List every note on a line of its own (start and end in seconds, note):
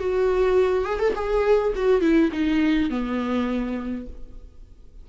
0.00 0.86 F#4
0.86 1.00 G#4
1.00 1.14 A4
1.16 1.74 G#4
1.76 2.02 F#4
2.02 2.31 E4
2.32 2.90 D#4
2.90 4.07 B3